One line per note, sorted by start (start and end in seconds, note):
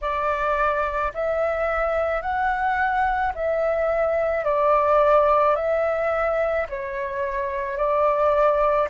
0.01 1.12 D5
1.14 2.21 E5
2.21 3.32 F#5
3.34 4.44 E5
4.44 5.55 D5
5.56 6.67 E5
6.69 7.77 C#5
7.77 8.88 D5